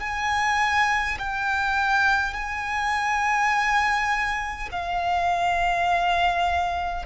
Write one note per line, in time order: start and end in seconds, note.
0.00 1.18 G#5
1.18 2.33 G5
2.33 4.68 G#5
4.71 7.05 F5